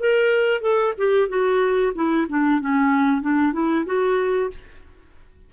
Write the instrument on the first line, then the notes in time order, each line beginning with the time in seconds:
clarinet
0.00 A#4
0.62 A4
0.98 G4
1.29 F#4
1.95 E4
2.29 D4
2.61 C#4
3.22 D4
3.53 E4
3.86 F#4